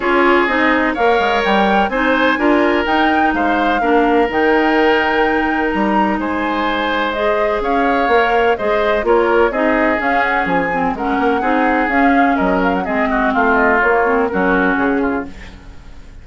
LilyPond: <<
  \new Staff \with { instrumentName = "flute" } { \time 4/4 \tempo 4 = 126 cis''4 dis''4 f''4 g''4 | gis''2 g''4 f''4~ | f''4 g''2. | ais''4 gis''2 dis''4 |
f''2 dis''4 cis''4 | dis''4 f''8 fis''8 gis''4 fis''4~ | fis''4 f''4 dis''8 f''16 fis''16 dis''4 | f''8 dis''8 cis''4 ais'4 gis'4 | }
  \new Staff \with { instrumentName = "oboe" } { \time 4/4 gis'2 cis''2 | c''4 ais'2 c''4 | ais'1~ | ais'4 c''2. |
cis''2 c''4 ais'4 | gis'2. ais'4 | gis'2 ais'4 gis'8 fis'8 | f'2 fis'4. f'8 | }
  \new Staff \with { instrumentName = "clarinet" } { \time 4/4 f'4 dis'4 ais'2 | dis'4 f'4 dis'2 | d'4 dis'2.~ | dis'2. gis'4~ |
gis'4 ais'4 gis'4 f'4 | dis'4 cis'4. c'8 cis'4 | dis'4 cis'2 c'4~ | c'4 ais8 c'8 cis'2 | }
  \new Staff \with { instrumentName = "bassoon" } { \time 4/4 cis'4 c'4 ais8 gis8 g4 | c'4 d'4 dis'4 gis4 | ais4 dis2. | g4 gis2. |
cis'4 ais4 gis4 ais4 | c'4 cis'4 f4 gis8 ais8 | c'4 cis'4 fis4 gis4 | a4 ais4 fis4 cis4 | }
>>